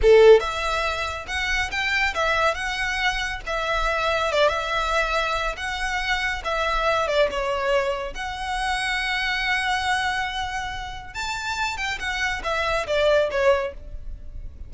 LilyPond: \new Staff \with { instrumentName = "violin" } { \time 4/4 \tempo 4 = 140 a'4 e''2 fis''4 | g''4 e''4 fis''2 | e''2 d''8 e''4.~ | e''4 fis''2 e''4~ |
e''8 d''8 cis''2 fis''4~ | fis''1~ | fis''2 a''4. g''8 | fis''4 e''4 d''4 cis''4 | }